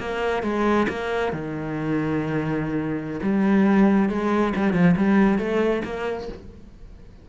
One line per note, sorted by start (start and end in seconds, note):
0.00 0.43 A#3
0.43 0.87 G#3
0.89 1.33 A#3
1.33 3.21 D#3
3.23 4.10 G3
4.10 4.54 G#3
4.57 4.74 G3
4.74 4.96 F3
4.97 5.39 G3
5.39 5.83 A3
5.85 6.29 A#3